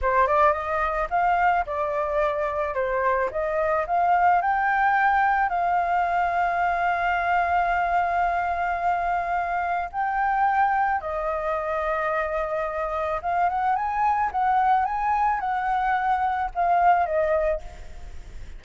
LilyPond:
\new Staff \with { instrumentName = "flute" } { \time 4/4 \tempo 4 = 109 c''8 d''8 dis''4 f''4 d''4~ | d''4 c''4 dis''4 f''4 | g''2 f''2~ | f''1~ |
f''2 g''2 | dis''1 | f''8 fis''8 gis''4 fis''4 gis''4 | fis''2 f''4 dis''4 | }